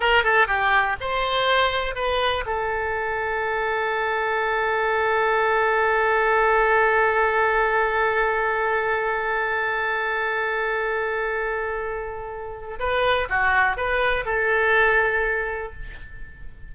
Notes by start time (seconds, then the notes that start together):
0.00 A#4
0.23 A4
0.47 G4
1.00 C5
1.95 B4
2.46 A4
12.79 B4
13.29 F#4
13.76 B4
14.25 A4